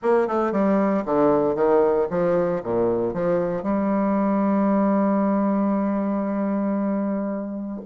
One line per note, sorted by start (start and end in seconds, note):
0.02 0.27 A#3
0.27 0.51 A3
0.51 1.04 G3
1.05 1.55 D3
1.55 2.07 D#3
2.10 2.62 F3
2.63 3.13 A#2
3.13 3.63 F3
3.63 7.80 G3